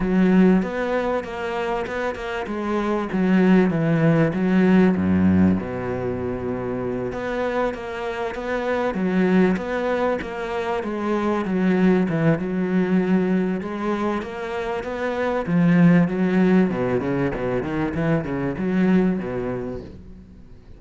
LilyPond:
\new Staff \with { instrumentName = "cello" } { \time 4/4 \tempo 4 = 97 fis4 b4 ais4 b8 ais8 | gis4 fis4 e4 fis4 | fis,4 b,2~ b,8 b8~ | b8 ais4 b4 fis4 b8~ |
b8 ais4 gis4 fis4 e8 | fis2 gis4 ais4 | b4 f4 fis4 b,8 cis8 | b,8 dis8 e8 cis8 fis4 b,4 | }